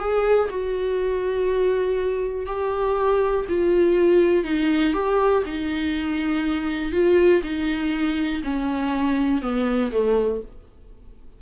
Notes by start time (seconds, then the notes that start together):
0.00 G#4
0.50 F#4
2.47 G4
3.49 F4
4.45 D#4
4.94 G4
5.46 D#4
6.93 F4
7.44 D#4
8.44 C#4
9.42 B3
9.92 A3